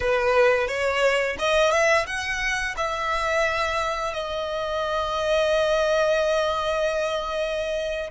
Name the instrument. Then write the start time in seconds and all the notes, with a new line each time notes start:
violin
0.00 B4
0.67 C#5
1.38 D#5
1.71 E5
2.06 F#5
2.76 E5
4.13 D#5